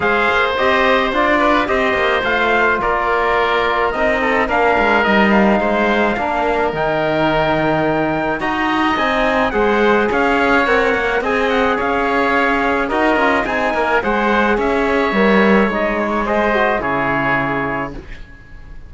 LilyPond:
<<
  \new Staff \with { instrumentName = "trumpet" } { \time 4/4 \tempo 4 = 107 f''4 dis''4 d''4 dis''4 | f''4 d''2 dis''4 | f''4 dis''8 f''2~ f''8 | g''2. ais''4 |
gis''4 fis''4 f''4 fis''4 | gis''8 fis''8 f''2 dis''4 | gis''4 fis''4 e''2 | dis''8 cis''8 dis''4 cis''2 | }
  \new Staff \with { instrumentName = "oboe" } { \time 4/4 c''2~ c''8 b'8 c''4~ | c''4 ais'2~ ais'8 a'8 | ais'2 c''4 ais'4~ | ais'2. dis''4~ |
dis''4 c''4 cis''2 | dis''4 cis''2 ais'4 | gis'8 ais'8 c''4 cis''2~ | cis''4 c''4 gis'2 | }
  \new Staff \with { instrumentName = "trombone" } { \time 4/4 gis'4 g'4 f'4 g'4 | f'2. dis'4 | d'4 dis'2 d'4 | dis'2. fis'4 |
dis'4 gis'2 ais'4 | gis'2. fis'8 f'8 | dis'4 gis'2 ais'4 | dis'4 gis'8 fis'8 e'2 | }
  \new Staff \with { instrumentName = "cello" } { \time 4/4 gis8 ais8 c'4 d'4 c'8 ais8 | a4 ais2 c'4 | ais8 gis8 g4 gis4 ais4 | dis2. dis'4 |
c'4 gis4 cis'4 c'8 ais8 | c'4 cis'2 dis'8 cis'8 | c'8 ais8 gis4 cis'4 g4 | gis2 cis2 | }
>>